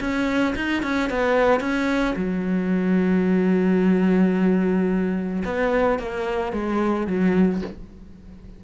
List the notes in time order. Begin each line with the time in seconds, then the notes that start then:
0.00 C#4
0.56 D#4
0.83 C#4
1.10 B3
1.60 C#4
2.16 F#3
5.45 B3
5.99 A#3
6.53 G#3
7.07 F#3